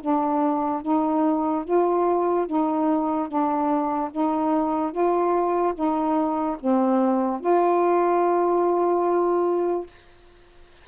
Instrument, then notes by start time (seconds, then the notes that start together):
saxophone
0.00 D4
0.82 D#4
1.64 F4
2.46 D#4
3.28 D4
4.11 D#4
4.91 F4
5.74 D#4
6.60 C4
7.40 F4